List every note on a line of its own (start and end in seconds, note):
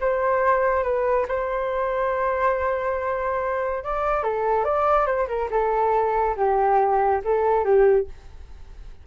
0.00 0.83 C5
0.83 1.26 B4
1.28 3.83 C5
3.83 4.23 D5
4.23 4.64 A4
4.64 5.06 D5
5.06 5.27 C5
5.28 5.49 A#4
5.50 6.36 A4
6.36 7.21 G4
7.24 7.64 A4
7.64 8.07 G4